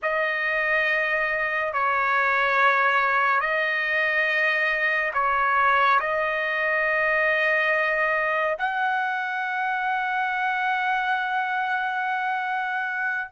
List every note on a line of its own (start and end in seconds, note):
0.02 1.73 D#5
1.73 3.40 C#5
3.40 5.12 D#5
5.14 5.99 C#5
6.00 8.57 D#5
8.58 13.29 F#5